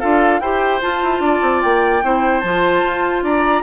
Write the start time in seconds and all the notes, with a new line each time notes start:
0.00 D4 F4 A4 F5
0.40 E4 G4 C5 G5
0.81 F4 A5
1.03 E4
1.20 D4 D5
1.42 C4
1.62 A#3 G5
2.03 C4 E4 C5
2.41 F3 F4 A5
2.83 F4
3.23 D4 D5 A#5